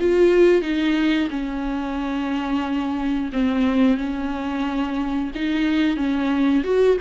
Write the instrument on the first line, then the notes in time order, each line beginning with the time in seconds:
viola
0.00 F4
0.62 D#4
1.30 C#4
3.33 C4
3.98 C#4
5.35 D#4
5.97 C#4
6.64 F#4